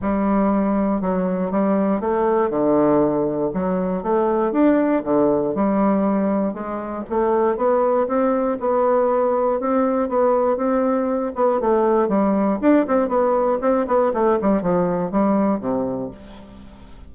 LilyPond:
\new Staff \with { instrumentName = "bassoon" } { \time 4/4 \tempo 4 = 119 g2 fis4 g4 | a4 d2 fis4 | a4 d'4 d4 g4~ | g4 gis4 a4 b4 |
c'4 b2 c'4 | b4 c'4. b8 a4 | g4 d'8 c'8 b4 c'8 b8 | a8 g8 f4 g4 c4 | }